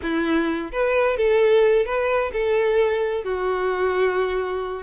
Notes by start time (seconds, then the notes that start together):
0.02 E4
0.72 B4
1.17 A4
1.85 B4
2.32 A4
3.23 F#4